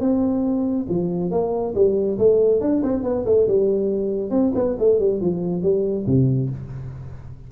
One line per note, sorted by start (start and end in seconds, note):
0.00 0.86 C4
0.89 1.31 F3
1.31 1.74 A#3
1.75 2.18 G3
2.18 2.61 A3
2.61 2.83 D4
2.83 3.03 C4
3.03 3.25 B3
3.26 3.47 A3
3.47 4.30 G3
4.30 4.52 C4
4.55 4.76 B3
4.79 4.99 A3
4.99 5.21 G3
5.21 5.62 F3
5.62 6.05 G3
6.06 6.49 C3